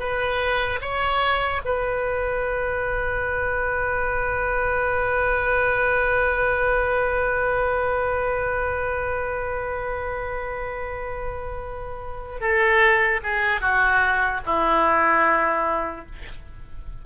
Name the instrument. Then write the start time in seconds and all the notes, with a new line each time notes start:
oboe
0.00 B4
0.82 C#5
1.65 B4
12.41 A4
13.24 G#4
13.61 F#4
14.46 E4